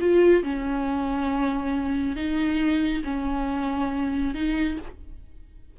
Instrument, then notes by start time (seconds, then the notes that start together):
viola
0.00 F4
0.43 C#4
2.16 D#4
3.04 C#4
4.34 D#4